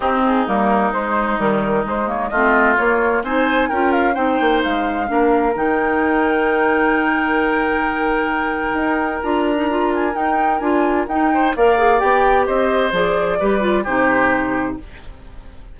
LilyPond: <<
  \new Staff \with { instrumentName = "flute" } { \time 4/4 \tempo 4 = 130 g'8 gis'8 ais'4 c''4 ais'4 | c''8 cis''8 dis''4 cis''4 gis''4 | g''8 f''8 g''4 f''2 | g''1~ |
g''1 | ais''4. gis''8 g''4 gis''4 | g''4 f''4 g''4 dis''4 | d''2 c''2 | }
  \new Staff \with { instrumentName = "oboe" } { \time 4/4 dis'1~ | dis'4 f'2 c''4 | ais'4 c''2 ais'4~ | ais'1~ |
ais'1~ | ais'1~ | ais'8 c''8 d''2 c''4~ | c''4 b'4 g'2 | }
  \new Staff \with { instrumentName = "clarinet" } { \time 4/4 c'4 ais4 gis4 dis4 | gis8 ais8 c'4 ais4 dis'4 | f'4 dis'2 d'4 | dis'1~ |
dis'1 | f'8. dis'16 f'4 dis'4 f'4 | dis'4 ais'8 gis'8 g'2 | gis'4 g'8 f'8 dis'2 | }
  \new Staff \with { instrumentName = "bassoon" } { \time 4/4 c'4 g4 gis4 g4 | gis4 a4 ais4 c'4 | cis'4 c'8 ais8 gis4 ais4 | dis1~ |
dis2. dis'4 | d'2 dis'4 d'4 | dis'4 ais4 b4 c'4 | f4 g4 c2 | }
>>